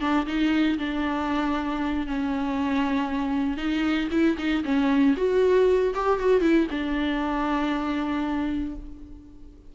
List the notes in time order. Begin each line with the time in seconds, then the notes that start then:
0.00 D4
0.26 D#4
0.78 D4
2.07 C#4
3.57 D#4
4.11 E4
4.38 D#4
4.64 C#4
5.17 F#4
5.94 G4
6.19 F#4
6.41 E4
6.70 D4